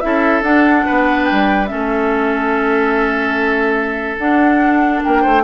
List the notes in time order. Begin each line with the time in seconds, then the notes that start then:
0.00 C#4 E4 A4 E5
0.41 D4 F#5
0.85 B3 B4
1.24 G5
1.31 G3
1.66 A3 C#4 A4 E5
4.17 D4 F#5
5.03 A#3 A#4 G5
5.21 A3 C5